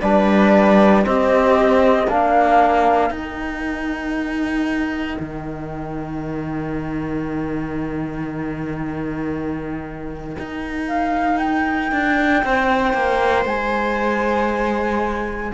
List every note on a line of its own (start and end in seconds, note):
0.00 1.05 G3
0.00 1.03 D4
0.00 1.04 B4
0.00 1.03 D5
1.03 2.07 C4
1.03 2.09 G4
1.03 2.08 D#5
2.07 3.10 A#3
2.07 3.11 D4
2.07 12.43 A#4
2.07 3.11 F5
3.10 5.17 D#4
3.10 15.52 D#4
3.10 10.87 G5
5.19 10.36 D#3
10.38 11.92 D#4
10.87 11.37 F5
11.37 13.44 G5
11.92 12.43 D4
12.44 12.93 C4
12.44 15.53 C5
12.93 13.45 A#3
13.45 15.52 G#3
13.45 15.53 G#5